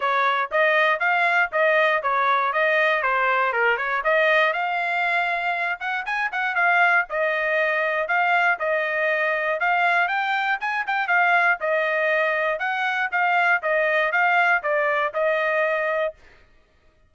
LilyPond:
\new Staff \with { instrumentName = "trumpet" } { \time 4/4 \tempo 4 = 119 cis''4 dis''4 f''4 dis''4 | cis''4 dis''4 c''4 ais'8 cis''8 | dis''4 f''2~ f''8 fis''8 | gis''8 fis''8 f''4 dis''2 |
f''4 dis''2 f''4 | g''4 gis''8 g''8 f''4 dis''4~ | dis''4 fis''4 f''4 dis''4 | f''4 d''4 dis''2 | }